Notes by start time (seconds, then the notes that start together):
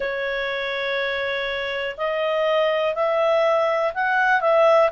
0.00 C#5
1.97 D#5
2.95 E5
3.93 F#5
4.40 E5